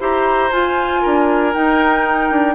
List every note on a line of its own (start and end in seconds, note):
0.00 0.52 E4
0.00 0.51 G4
0.00 1.02 C5
0.00 0.53 A#5
0.52 1.03 F4
0.52 1.53 F4
0.52 1.54 G#5
1.02 1.55 D4
1.02 2.55 A#4
1.53 2.55 D#4
1.53 2.31 D#4
1.53 2.55 G5
2.31 2.55 D4